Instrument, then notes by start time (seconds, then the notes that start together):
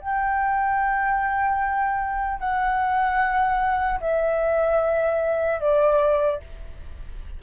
flute
0.00 G5
2.39 F#5
4.00 E5
5.60 D5